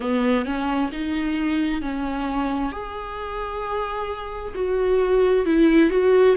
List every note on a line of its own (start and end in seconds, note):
0.00 0.45 B3
0.45 0.90 C#4
0.91 1.81 D#4
1.81 2.72 C#4
2.72 4.54 G#4
4.55 5.45 F#4
5.45 5.90 E4
5.90 6.35 F#4